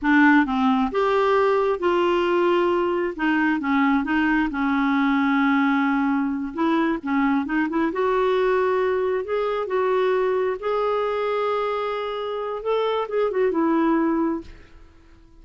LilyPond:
\new Staff \with { instrumentName = "clarinet" } { \time 4/4 \tempo 4 = 133 d'4 c'4 g'2 | f'2. dis'4 | cis'4 dis'4 cis'2~ | cis'2~ cis'8 e'4 cis'8~ |
cis'8 dis'8 e'8 fis'2~ fis'8~ | fis'8 gis'4 fis'2 gis'8~ | gis'1 | a'4 gis'8 fis'8 e'2 | }